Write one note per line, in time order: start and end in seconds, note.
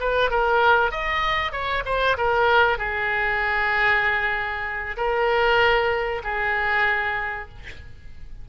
0.00 0.31 B4
0.31 0.91 A#4
0.91 1.52 D#5
1.52 1.83 C#5
1.86 2.17 C5
2.17 2.78 A#4
2.78 4.97 G#4
4.97 6.22 A#4
6.24 7.49 G#4